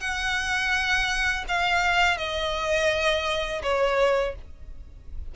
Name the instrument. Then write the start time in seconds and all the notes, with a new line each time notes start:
violin
0.00 F#5
1.48 F5
2.17 D#5
3.62 C#5